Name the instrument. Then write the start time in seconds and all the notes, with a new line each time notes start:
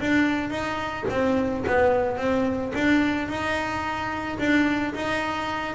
double bass
0.00 D4
0.50 D#4
1.10 C4
1.67 B3
2.17 C4
2.74 D4
3.28 D#4
4.39 D4
4.94 D#4